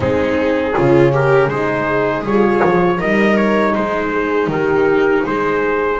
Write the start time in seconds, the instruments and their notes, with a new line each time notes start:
0.00 double bass G#3, horn C4, viola D#4, trumpet G#4
0.75 double bass C#3, horn C#4, viola F4
1.12 viola G4, trumpet A#4
1.47 double bass G#3, horn D#4, viola G#4, trumpet C5
2.23 double bass G3, horn F4, trumpet C#5
2.64 double bass F3
2.97 double bass G3, horn D#4, viola A#4, trumpet D#5
3.36 trumpet C#5
3.71 double bass G#3, viola D#4, trumpet C5
4.12 horn G#4
4.47 double bass D#3, horn G4, trumpet A#4
5.26 double bass G#3, horn G#4, trumpet C5